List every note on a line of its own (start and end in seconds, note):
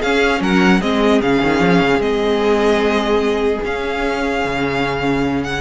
0.00 0.40 C#4
0.00 0.81 C#4
0.00 0.40 G#4
0.00 0.42 F5
0.40 0.80 F#3
0.40 0.80 A#4
0.40 0.81 F#5
0.80 1.21 G#3
0.80 1.21 C4
0.80 5.60 G#4
0.80 1.21 D#5
1.22 1.43 C#3
1.22 2.01 C#4
1.22 2.02 F5
1.43 1.60 D#3
1.60 1.80 F3
1.81 1.99 C#3
1.99 3.59 G#3
1.99 3.61 C4
1.99 3.62 D#5
3.65 4.45 C#4
3.65 5.61 C#4
3.65 5.44 F5
4.45 5.61 C#3
5.44 5.61 F#5